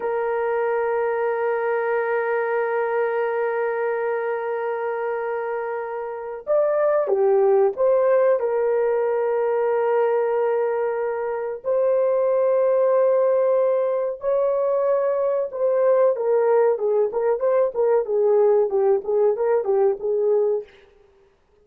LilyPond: \new Staff \with { instrumentName = "horn" } { \time 4/4 \tempo 4 = 93 ais'1~ | ais'1~ | ais'2 d''4 g'4 | c''4 ais'2.~ |
ais'2 c''2~ | c''2 cis''2 | c''4 ais'4 gis'8 ais'8 c''8 ais'8 | gis'4 g'8 gis'8 ais'8 g'8 gis'4 | }